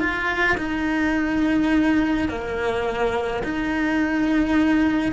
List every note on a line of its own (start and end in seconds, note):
0.00 0.57 F4
0.58 2.29 D#4
2.29 3.43 A#3
3.44 5.13 D#4